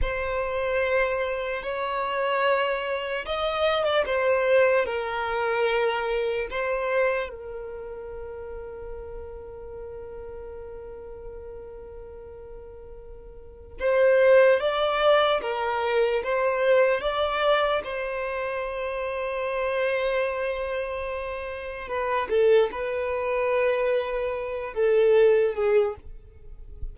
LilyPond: \new Staff \with { instrumentName = "violin" } { \time 4/4 \tempo 4 = 74 c''2 cis''2 | dis''8. d''16 c''4 ais'2 | c''4 ais'2.~ | ais'1~ |
ais'4 c''4 d''4 ais'4 | c''4 d''4 c''2~ | c''2. b'8 a'8 | b'2~ b'8 a'4 gis'8 | }